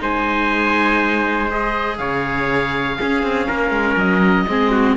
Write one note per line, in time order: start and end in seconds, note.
0.00 1.99 G#3
0.00 1.49 D#4
0.00 1.99 C5
0.00 1.51 G#5
1.50 2.99 G#4
1.50 1.98 D#5
1.98 2.99 C#3
1.98 2.99 C#5
1.98 3.96 F5
2.99 4.48 C#4
2.99 3.23 C#4
2.99 3.47 G#4
3.23 3.48 C4
3.47 3.71 A#3
3.47 4.47 A#4
3.71 3.96 G#3
3.96 4.46 F#3
3.96 4.97 D#5
4.48 4.97 G#3
4.48 4.97 C4
4.48 4.71 G#4
4.71 4.96 F#4